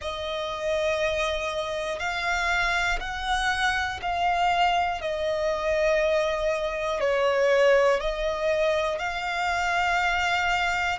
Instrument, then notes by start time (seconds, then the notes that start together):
violin
0.01 D#5
1.99 F5
3.00 F#5
4.01 F5
5.00 D#5
7.00 C#5
8.00 D#5
8.98 F5